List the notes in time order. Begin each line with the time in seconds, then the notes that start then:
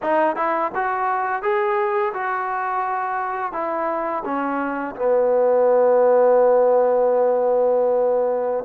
0.02 D#4
0.36 E4
0.74 F#4
1.42 G#4
2.13 F#4
3.52 E4
4.24 C#4
4.95 B3